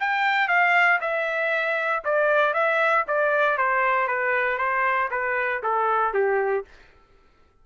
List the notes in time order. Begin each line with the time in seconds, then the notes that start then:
0.00 G5
0.48 F5
1.01 E5
2.05 D5
2.54 E5
3.08 D5
3.58 C5
4.08 B4
4.58 C5
5.11 B4
5.63 A4
6.14 G4